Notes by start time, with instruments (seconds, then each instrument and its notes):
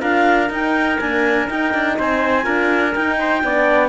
0.00 cello D4, horn F4, trumpet A#4, clarinet F5
0.50 cello D#4, horn D#4, clarinet G5
1.00 horn A#3, cello D4, clarinet G#5
1.47 horn D#4, cello D#4, clarinet G5
1.74 cello D4
1.98 cello C4, trumpet C5, clarinet G#5
2.43 cello D4, horn F4, trumpet A#4
2.95 horn D#4, cello D#4, clarinet G5
3.19 trumpet C5
3.43 cello B3, horn D4, trumpet D5